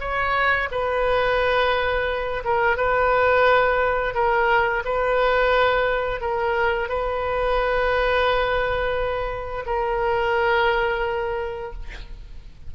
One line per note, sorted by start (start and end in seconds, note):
0.00 0.69 C#5
0.71 2.44 B4
2.44 2.77 A#4
2.77 4.14 B4
4.14 4.83 A#4
4.85 6.21 B4
6.21 6.89 A#4
6.89 9.65 B4
9.66 11.73 A#4